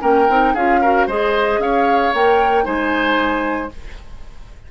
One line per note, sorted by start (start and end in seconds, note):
0.00 0.28 A#3
0.00 0.26 C#4
0.00 0.53 A#4
0.00 0.54 G5
0.29 0.54 C4
0.29 0.55 D#4
0.53 1.07 C#4
0.53 0.83 F4
0.53 0.80 G#4
0.53 1.07 F5
0.81 1.09 F#4
0.81 1.07 A#4
1.07 1.58 G#3
1.07 2.14 G#4
1.07 1.59 C5
1.07 1.61 D#5
1.58 2.11 C#4
1.58 2.65 C#5
1.58 2.13 F5
2.13 2.66 A#3
2.13 2.63 A#4
2.13 2.65 G5
2.63 3.71 G#3
2.63 3.69 D#4
2.63 3.70 C5
2.63 3.71 G#5